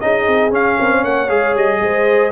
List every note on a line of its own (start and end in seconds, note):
0.00 0.27 C#4
0.00 0.50 D#4
0.00 0.79 G#4
0.00 0.51 D#5
0.27 0.52 C4
0.50 1.27 C#4
0.50 0.78 C#4
0.50 1.04 F5
0.79 1.04 C4
0.79 0.91 A#4
0.91 1.01 C5
1.01 1.29 A#3
1.01 1.78 C#5
1.01 1.29 F#5
1.28 1.54 G#3
1.28 2.31 G#4
1.28 1.55 F5
1.54 1.80 G3
1.54 2.31 D#5
1.81 2.31 G#3
1.81 2.31 C5